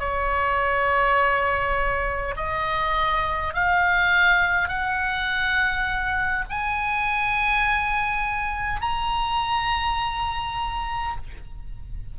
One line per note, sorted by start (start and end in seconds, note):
0.00 2.35 C#5
2.37 3.55 D#5
3.55 4.69 F5
4.69 6.45 F#5
6.50 8.82 G#5
8.82 11.17 A#5